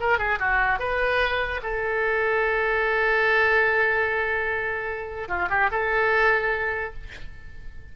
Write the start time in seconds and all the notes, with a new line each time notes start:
0.00 A#4
0.18 G#4
0.39 F#4
0.79 B4
1.63 A4
5.28 F4
5.50 G4
5.71 A4